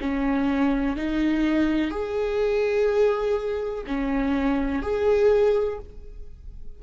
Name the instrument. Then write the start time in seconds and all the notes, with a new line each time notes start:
viola
0.00 C#4
0.96 D#4
1.90 G#4
3.87 C#4
4.82 G#4